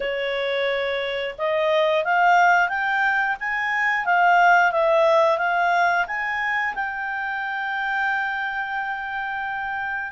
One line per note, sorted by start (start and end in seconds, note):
0.00 1.35 C#5
1.38 2.04 D#5
2.04 2.68 F5
2.68 3.36 G5
3.40 4.05 G#5
4.05 4.71 F5
4.71 5.38 E5
5.38 6.05 F5
6.07 6.74 G#5
6.74 10.11 G5